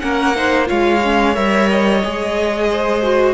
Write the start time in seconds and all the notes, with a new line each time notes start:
0.00 A#3 C#4 A#4 F#5
0.36 D#4 C5
0.66 G#3 F4 C#5 F5
1.04 C#4
1.35 G3 A#4 E5
1.70 D#5
2.03 G#3 G#4
2.71 C5
3.03 F#4